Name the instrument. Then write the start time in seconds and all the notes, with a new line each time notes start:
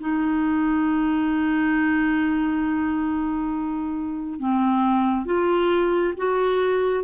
clarinet
0.00 D#4
4.39 C4
5.25 F4
6.17 F#4